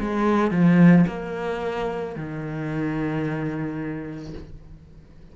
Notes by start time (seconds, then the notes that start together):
0.00 G#3
0.51 F3
1.07 A#3
2.16 D#3